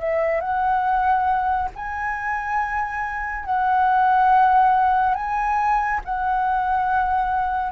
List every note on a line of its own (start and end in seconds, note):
0.00 0.41 E5
0.41 1.69 F#5
1.76 3.45 G#5
3.45 5.15 F#5
5.15 6.01 G#5
6.05 7.72 F#5